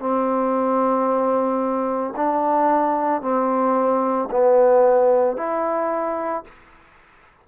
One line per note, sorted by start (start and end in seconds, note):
0.00 2.14 C4
2.17 3.22 D4
3.22 4.29 C4
4.31 5.37 B3
5.37 6.44 E4